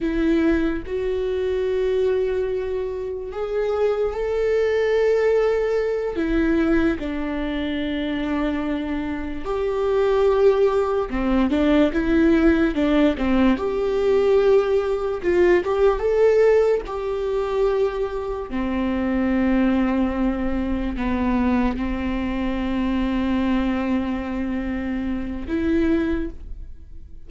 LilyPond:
\new Staff \with { instrumentName = "viola" } { \time 4/4 \tempo 4 = 73 e'4 fis'2. | gis'4 a'2~ a'8 e'8~ | e'8 d'2. g'8~ | g'4. c'8 d'8 e'4 d'8 |
c'8 g'2 f'8 g'8 a'8~ | a'8 g'2 c'4.~ | c'4. b4 c'4.~ | c'2. e'4 | }